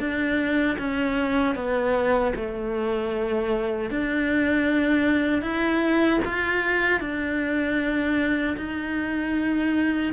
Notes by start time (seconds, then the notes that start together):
0.00 D4
0.79 C#4
1.56 B3
2.36 A3
3.91 D4
5.42 E4
6.26 F4
7.01 D4
8.57 D#4